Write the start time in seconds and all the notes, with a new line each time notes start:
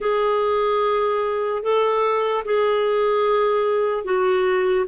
0.00 G#4
1.62 A4
2.45 G#4
4.04 F#4